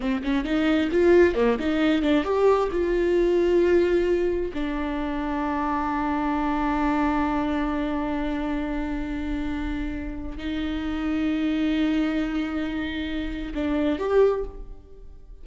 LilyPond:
\new Staff \with { instrumentName = "viola" } { \time 4/4 \tempo 4 = 133 c'8 cis'8 dis'4 f'4 ais8 dis'8~ | dis'8 d'8 g'4 f'2~ | f'2 d'2~ | d'1~ |
d'1~ | d'2. dis'4~ | dis'1~ | dis'2 d'4 g'4 | }